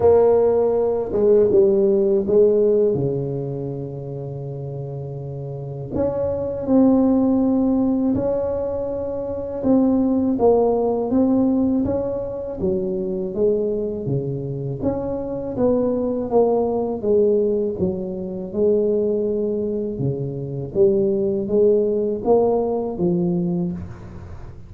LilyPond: \new Staff \with { instrumentName = "tuba" } { \time 4/4 \tempo 4 = 81 ais4. gis8 g4 gis4 | cis1 | cis'4 c'2 cis'4~ | cis'4 c'4 ais4 c'4 |
cis'4 fis4 gis4 cis4 | cis'4 b4 ais4 gis4 | fis4 gis2 cis4 | g4 gis4 ais4 f4 | }